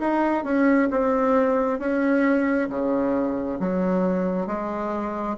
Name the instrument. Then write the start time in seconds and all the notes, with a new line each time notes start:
bassoon
0.00 D#4
0.44 C#4
0.91 C4
1.80 C#4
2.69 C#3
3.60 F#3
4.47 G#3